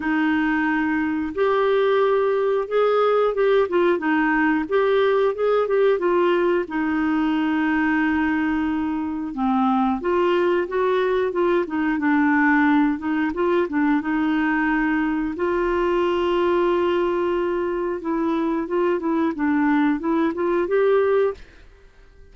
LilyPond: \new Staff \with { instrumentName = "clarinet" } { \time 4/4 \tempo 4 = 90 dis'2 g'2 | gis'4 g'8 f'8 dis'4 g'4 | gis'8 g'8 f'4 dis'2~ | dis'2 c'4 f'4 |
fis'4 f'8 dis'8 d'4. dis'8 | f'8 d'8 dis'2 f'4~ | f'2. e'4 | f'8 e'8 d'4 e'8 f'8 g'4 | }